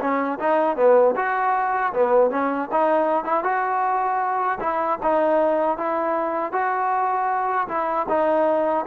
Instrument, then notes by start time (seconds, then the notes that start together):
trombone
0.00 C#4
0.39 D#4
0.76 B3
1.16 F#4
1.93 B3
2.30 C#4
2.71 D#4
3.24 E4
3.43 F#4
4.60 E4
5.02 D#4
5.77 E4
6.52 F#4
7.67 E4
8.08 D#4